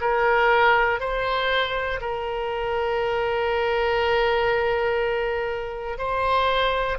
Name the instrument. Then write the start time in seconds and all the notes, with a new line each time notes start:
oboe
0.00 A#4
1.00 C5
2.00 A#4
5.97 C5